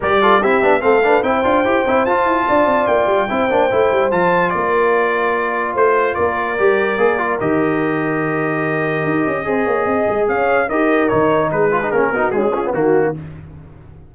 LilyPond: <<
  \new Staff \with { instrumentName = "trumpet" } { \time 4/4 \tempo 4 = 146 d''4 e''4 f''4 g''4~ | g''4 a''2 g''4~ | g''2 a''4 d''4~ | d''2 c''4 d''4~ |
d''2 dis''2~ | dis''1~ | dis''4 f''4 dis''4 cis''4 | b'4 ais'4 gis'4 fis'4 | }
  \new Staff \with { instrumentName = "horn" } { \time 4/4 ais'8 a'8 g'4 a'8 b'8 c''4~ | c''2 d''2 | c''2. ais'4~ | ais'2 c''4 ais'4~ |
ais'1~ | ais'2. c''8 cis''8 | dis''4 cis''4 ais'2 | gis'4. fis'4 f'8 fis'4 | }
  \new Staff \with { instrumentName = "trombone" } { \time 4/4 g'8 f'8 e'8 d'8 c'8 d'8 e'8 f'8 | g'8 e'8 f'2. | e'8 d'8 e'4 f'2~ | f'1 |
g'4 gis'8 f'8 g'2~ | g'2. gis'4~ | gis'2 g'4 dis'4~ | dis'8 f'16 dis'16 cis'8 dis'8 gis8 cis'16 b16 ais4 | }
  \new Staff \with { instrumentName = "tuba" } { \time 4/4 g4 c'8 b8 a4 c'8 d'8 | e'8 c'8 f'8 e'8 d'8 c'8 ais8 g8 | c'8 ais8 a8 g8 f4 ais4~ | ais2 a4 ais4 |
g4 ais4 dis2~ | dis2 dis'8 cis'8 c'8 ais8 | c'8 gis8 cis'4 dis'4 dis4 | gis4 ais8 b8 cis'4 dis4 | }
>>